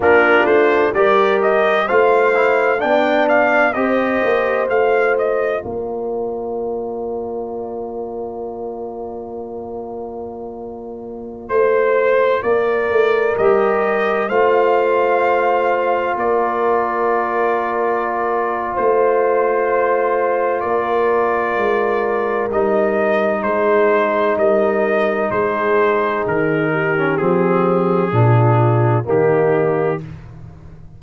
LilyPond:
<<
  \new Staff \with { instrumentName = "trumpet" } { \time 4/4 \tempo 4 = 64 ais'8 c''8 d''8 dis''8 f''4 g''8 f''8 | dis''4 f''8 dis''8 d''2~ | d''1~ | d''16 c''4 d''4 dis''4 f''8.~ |
f''4~ f''16 d''2~ d''8. | c''2 d''2 | dis''4 c''4 dis''4 c''4 | ais'4 gis'2 g'4 | }
  \new Staff \with { instrumentName = "horn" } { \time 4/4 f'4 ais'4 c''4 d''4 | c''2 ais'2~ | ais'1~ | ais'16 c''4 ais'2 c''8.~ |
c''4~ c''16 ais'2~ ais'8. | c''2 ais'2~ | ais'4 gis'4 ais'4 gis'4~ | gis'8 g'4. f'4 dis'4 | }
  \new Staff \with { instrumentName = "trombone" } { \time 4/4 d'4 g'4 f'8 e'8 d'4 | g'4 f'2.~ | f'1~ | f'2~ f'16 g'4 f'8.~ |
f'1~ | f'1 | dis'1~ | dis'8. cis'16 c'4 d'4 ais4 | }
  \new Staff \with { instrumentName = "tuba" } { \time 4/4 ais8 a8 g4 a4 b4 | c'8 ais8 a4 ais2~ | ais1~ | ais16 a4 ais8 a8 g4 a8.~ |
a4~ a16 ais2~ ais8. | a2 ais4 gis4 | g4 gis4 g4 gis4 | dis4 f4 ais,4 dis4 | }
>>